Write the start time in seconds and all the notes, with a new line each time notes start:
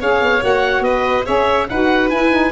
0.00 C#4 G#4 C#5 F5
0.21 B3
0.40 A#3 F#4 F#5
0.80 B3 B4 D#5
1.25 C#4 G#4 C#5 E5
1.69 D#4 F#4 B4 F#5
2.10 E4 G#5
2.31 D#4